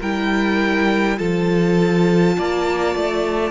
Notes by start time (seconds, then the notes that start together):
0.00 G3 E4 A#4 G5
1.17 F3 F4 A4 A5
2.38 A#3 D5
2.96 A3